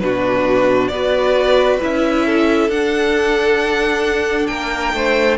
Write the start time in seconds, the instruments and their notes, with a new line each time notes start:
0.00 cello B2, viola D4, violin F#4 B4
0.88 cello B3, viola F#4, violin B4 D5
1.80 cello C#4, viola E4, violin E5
2.26 violin A4
2.68 cello D4, viola D4, violin F#5
4.47 cello A#3, violin A#4 G5
4.93 cello A3, violin C5